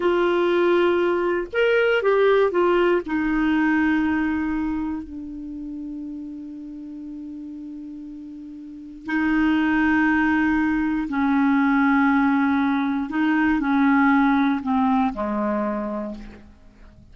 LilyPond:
\new Staff \with { instrumentName = "clarinet" } { \time 4/4 \tempo 4 = 119 f'2. ais'4 | g'4 f'4 dis'2~ | dis'2 d'2~ | d'1~ |
d'2 dis'2~ | dis'2 cis'2~ | cis'2 dis'4 cis'4~ | cis'4 c'4 gis2 | }